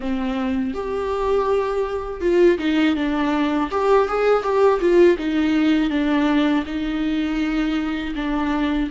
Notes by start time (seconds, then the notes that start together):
0.00 C4
0.74 G4
2.21 F4
2.58 D#4
2.95 D4
3.70 G4
4.07 G#4
4.43 G4
4.80 F4
5.18 D#4
5.90 D4
6.65 D#4
8.15 D4